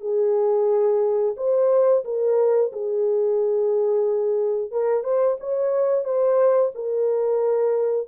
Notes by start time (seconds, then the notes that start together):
0.00 G#4
1.36 C5
2.04 A#4
2.72 G#4
4.71 A#4
5.03 C5
5.40 C#5
6.04 C5
6.74 A#4